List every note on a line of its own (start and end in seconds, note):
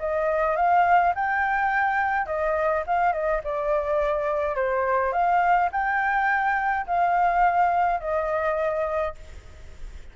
0.00 0.57 D#5
0.57 1.14 F5
1.15 2.26 G5
2.26 2.84 D#5
2.87 3.13 F5
3.13 3.41 D#5
3.44 4.56 D5
4.56 5.13 C5
5.13 5.70 F5
5.72 6.86 G5
6.87 8.01 F5
8.01 9.15 D#5